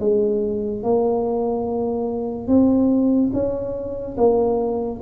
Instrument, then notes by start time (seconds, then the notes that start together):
tuba
0.00 G#3
0.83 A#3
2.48 C4
3.33 C#4
4.17 A#3